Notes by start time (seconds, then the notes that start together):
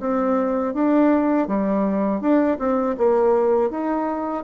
0.00 C4
0.74 D4
1.48 G3
2.21 D4
2.59 C4
2.98 A#3
3.70 D#4